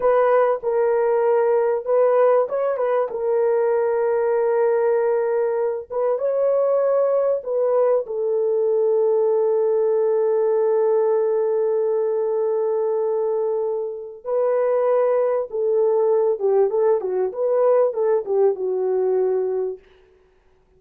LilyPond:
\new Staff \with { instrumentName = "horn" } { \time 4/4 \tempo 4 = 97 b'4 ais'2 b'4 | cis''8 b'8 ais'2.~ | ais'4. b'8 cis''2 | b'4 a'2.~ |
a'1~ | a'2. b'4~ | b'4 a'4. g'8 a'8 fis'8 | b'4 a'8 g'8 fis'2 | }